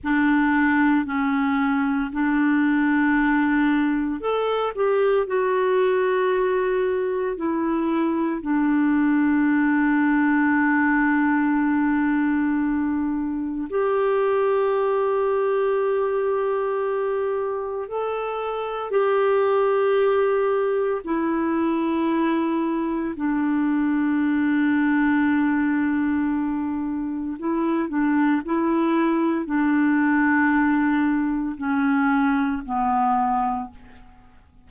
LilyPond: \new Staff \with { instrumentName = "clarinet" } { \time 4/4 \tempo 4 = 57 d'4 cis'4 d'2 | a'8 g'8 fis'2 e'4 | d'1~ | d'4 g'2.~ |
g'4 a'4 g'2 | e'2 d'2~ | d'2 e'8 d'8 e'4 | d'2 cis'4 b4 | }